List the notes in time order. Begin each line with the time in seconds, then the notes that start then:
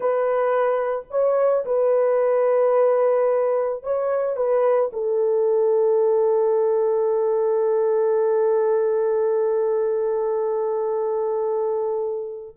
0.00 B4
1.10 C#5
1.65 B4
3.83 C#5
4.36 B4
4.92 A4